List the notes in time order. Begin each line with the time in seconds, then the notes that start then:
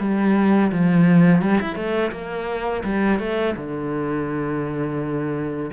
0.00 G3
0.72 F3
1.42 G3
1.61 E4
1.76 A3
2.12 A#3
2.84 G3
3.20 A3
3.56 D3